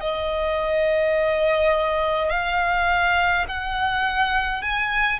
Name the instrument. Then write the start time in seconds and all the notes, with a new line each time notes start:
violin
0.00 D#5
2.30 F5
3.48 F#5
4.62 G#5